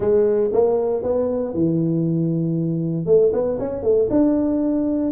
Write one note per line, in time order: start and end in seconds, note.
0.00 0.50 G#3
0.52 1.02 A#3
1.02 1.54 B3
1.54 3.06 E3
3.06 3.31 A3
3.32 3.58 B3
3.59 3.83 C#4
3.83 4.08 A3
4.10 5.11 D4